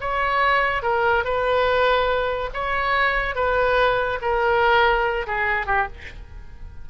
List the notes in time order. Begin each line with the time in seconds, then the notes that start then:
0.00 C#5
0.82 A#4
1.24 B4
2.53 C#5
3.35 B4
4.21 A#4
5.26 G#4
5.66 G4